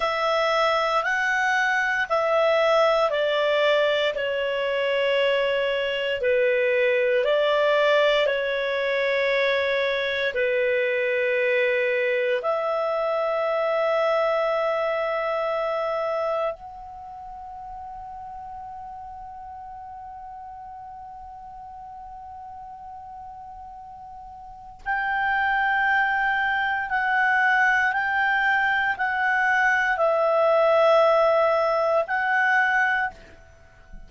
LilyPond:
\new Staff \with { instrumentName = "clarinet" } { \time 4/4 \tempo 4 = 58 e''4 fis''4 e''4 d''4 | cis''2 b'4 d''4 | cis''2 b'2 | e''1 |
fis''1~ | fis''1 | g''2 fis''4 g''4 | fis''4 e''2 fis''4 | }